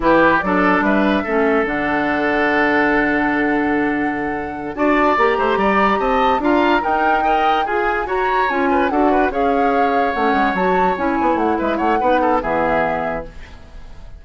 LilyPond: <<
  \new Staff \with { instrumentName = "flute" } { \time 4/4 \tempo 4 = 145 b'4 d''4 e''2 | fis''1~ | fis''2.~ fis''8 a''8~ | a''8 ais''2 a''4 ais''8~ |
ais''8 g''2 gis''4 ais''8~ | ais''8 gis''4 fis''4 f''4.~ | f''8 fis''4 a''4 gis''4 fis''8 | e''8 fis''4. e''2 | }
  \new Staff \with { instrumentName = "oboe" } { \time 4/4 g'4 a'4 b'4 a'4~ | a'1~ | a'2.~ a'8 d''8~ | d''4 c''8 d''4 dis''4 f''8~ |
f''8 ais'4 dis''4 gis'4 cis''8~ | cis''4 b'8 a'8 b'8 cis''4.~ | cis''1 | b'8 cis''8 b'8 a'8 gis'2 | }
  \new Staff \with { instrumentName = "clarinet" } { \time 4/4 e'4 d'2 cis'4 | d'1~ | d'2.~ d'8 fis'8~ | fis'8 g'2. f'8~ |
f'8 dis'4 ais'4 gis'4 fis'8~ | fis'8 f'4 fis'4 gis'4.~ | gis'8 cis'4 fis'4 e'4.~ | e'4 dis'4 b2 | }
  \new Staff \with { instrumentName = "bassoon" } { \time 4/4 e4 fis4 g4 a4 | d1~ | d2.~ d8 d'8~ | d'8 ais8 a8 g4 c'4 d'8~ |
d'8 dis'2 f'4 fis'8~ | fis'8 cis'4 d'4 cis'4.~ | cis'8 a8 gis8 fis4 cis'8 b8 a8 | gis8 a8 b4 e2 | }
>>